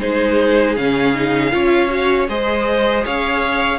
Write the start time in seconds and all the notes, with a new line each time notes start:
0.00 G#3 D#4 G#4 C5
0.76 C#3 C#4 F5
1.14 D#4
1.51 C#4 F4 C#5
1.89 F#4
2.29 G#3 G#4 C5 D#5
3.05 C#4 C#5 F5